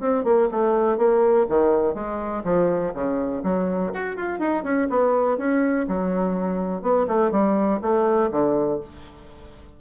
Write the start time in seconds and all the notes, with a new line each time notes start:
0.00 C4
0.24 A#3
0.51 A3
0.98 A#3
1.49 D#3
1.94 G#3
2.44 F3
2.94 C#3
3.43 F#3
3.94 F#4
4.16 F4
4.39 D#4
4.64 C#4
4.90 B3
5.38 C#4
5.88 F#3
6.82 B3
7.08 A3
7.31 G3
7.82 A3
8.31 D3